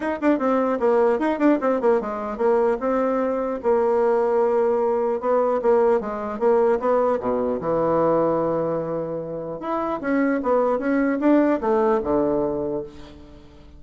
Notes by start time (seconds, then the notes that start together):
0.00 D#4
0.21 D4
0.38 C4
0.79 A#3
1.19 D#4
1.38 D4
1.61 C4
1.80 A#3
2.00 G#3
2.37 A#3
2.79 C4
3.62 A#3
5.20 B3
5.62 A#3
6.00 G#3
6.39 A#3
6.79 B3
7.20 B2
7.60 E3
9.60 E4
10.01 C#4
10.42 B3
10.78 C#4
11.19 D4
11.61 A3
12.03 D3